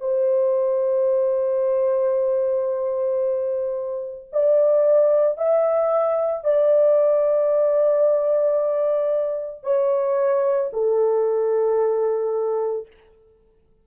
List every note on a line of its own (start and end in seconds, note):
0.00 4.29 C5
4.32 5.37 D5
5.37 6.44 E5
6.44 9.63 D5
9.63 10.70 C#5
10.72 12.87 A4